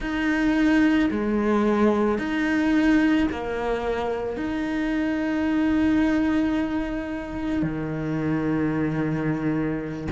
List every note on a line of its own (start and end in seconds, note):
0.00 1.09 D#4
1.11 2.18 G#3
2.18 3.27 D#4
3.31 4.36 A#3
4.36 7.62 D#4
7.62 10.08 D#3